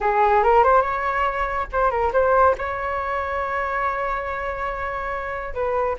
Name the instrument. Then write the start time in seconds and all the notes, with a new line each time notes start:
flute
0.01 G#4
0.43 A#4
0.63 C5
0.81 C#5
1.72 C5
1.90 A#4
2.12 C5
2.58 C#5
5.53 B4